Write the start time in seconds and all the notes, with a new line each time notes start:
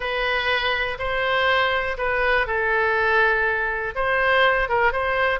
0.00 B4
0.98 C5
1.97 B4
2.47 A4
3.95 C5
4.68 A#4
4.92 C5